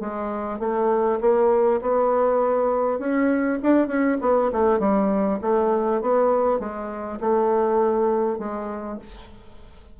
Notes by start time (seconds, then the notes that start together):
0.00 G#3
0.59 A3
1.21 A#3
1.81 B3
2.99 C#4
3.62 D4
3.88 C#4
4.21 B3
4.52 A3
4.79 G3
5.41 A3
6.01 B3
6.59 G#3
7.20 A3
8.39 G#3